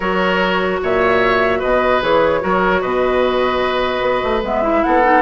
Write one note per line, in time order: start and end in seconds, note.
0.00 0.80 F#3
0.00 2.02 F#4
0.00 0.80 A#4
0.00 0.80 C#5
0.82 1.63 A#2
0.82 1.59 C#5
0.82 1.61 E5
1.59 2.02 B2
1.59 2.39 B4
1.59 2.01 D#5
2.02 2.42 E3
2.02 2.40 G#4
2.02 2.81 C#5
2.40 2.83 F#3
2.40 4.42 F#4
2.40 2.81 A#4
2.81 4.01 B2
2.81 4.82 B4
2.81 4.42 D#5
4.01 4.21 B3
4.23 4.42 A3
4.42 4.83 G#3
4.42 4.62 B3
4.42 4.83 E5
4.62 5.02 E4
4.83 5.21 B3
4.83 5.21 A4
4.83 5.21 F#5
5.03 5.21 D#4